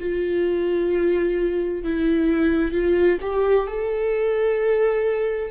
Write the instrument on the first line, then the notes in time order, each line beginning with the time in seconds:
viola
0.00 F4
1.85 E4
2.73 F4
3.22 G4
3.68 A4